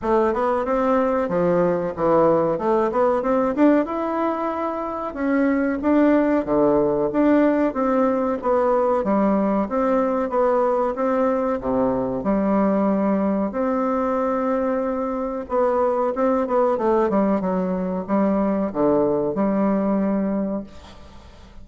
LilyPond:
\new Staff \with { instrumentName = "bassoon" } { \time 4/4 \tempo 4 = 93 a8 b8 c'4 f4 e4 | a8 b8 c'8 d'8 e'2 | cis'4 d'4 d4 d'4 | c'4 b4 g4 c'4 |
b4 c'4 c4 g4~ | g4 c'2. | b4 c'8 b8 a8 g8 fis4 | g4 d4 g2 | }